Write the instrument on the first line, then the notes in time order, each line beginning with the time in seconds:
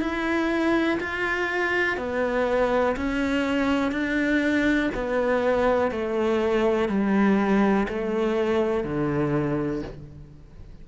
cello
0.00 E4
1.00 F4
1.97 B3
2.96 C#4
3.91 D4
4.94 B3
5.91 A3
6.89 G3
7.88 A3
8.83 D3